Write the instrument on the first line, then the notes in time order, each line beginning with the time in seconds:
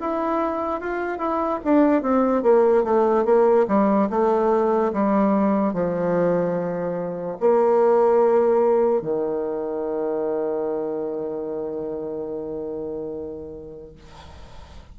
bassoon
0.00 E4
0.80 F4
1.18 E4
1.64 D4
2.02 C4
2.42 A#3
2.84 A3
3.25 A#3
3.68 G3
4.10 A3
4.93 G3
5.73 F3
7.40 A#3
9.02 D#3